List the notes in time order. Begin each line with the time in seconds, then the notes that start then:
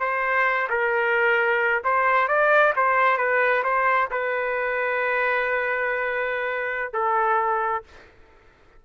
0.00 C5
0.70 A#4
1.84 C5
2.28 D5
2.76 C5
3.18 B4
3.64 C5
4.11 B4
6.93 A4